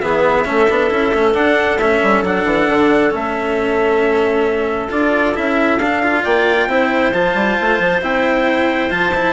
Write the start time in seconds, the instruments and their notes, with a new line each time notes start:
0.00 bassoon E3, cello B3, clarinet G#4, trumpet E5
0.44 bassoon A3, cello C#4, clarinet A4
0.69 bassoon B3, cello D4
0.90 bassoon C#4, cello E4
1.14 bassoon A3, cello C#4
1.33 bassoon D4, cello D4, trumpet F#5
1.78 bassoon A3, cello C#4, trumpet E5
2.02 bassoon G3
2.22 bassoon F#3, cello D4, trumpet F#5
2.44 bassoon E3
2.69 bassoon D3
3.10 bassoon A3, cello C#4, trumpet E5
4.90 bassoon D4, cello F4, trumpet D5
5.34 bassoon C#4, cello E4, trumpet E5
5.78 bassoon D4, cello D4, trumpet F5
6.02 cello F4
6.22 bassoon A#3, clarinet D5, trumpet G5
6.67 bassoon C4, cello E4, clarinet C5
7.13 bassoon F3, cello F4, trumpet A5
7.34 bassoon G3
7.60 bassoon A3
7.79 bassoon F3
8.01 bassoon C4, cello E4, trumpet G5
8.90 bassoon F3, cello F4, trumpet A5
9.14 cello E4